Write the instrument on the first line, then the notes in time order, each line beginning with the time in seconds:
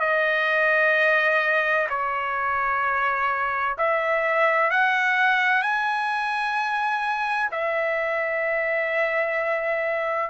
trumpet
0.00 D#5
1.90 C#5
3.78 E5
4.71 F#5
5.62 G#5
7.52 E5